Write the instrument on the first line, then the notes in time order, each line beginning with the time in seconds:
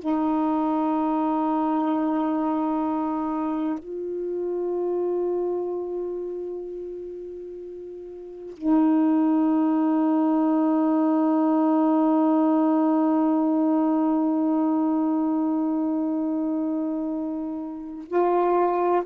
saxophone
0.00 D#4
3.79 F4
8.57 D#4
18.08 F4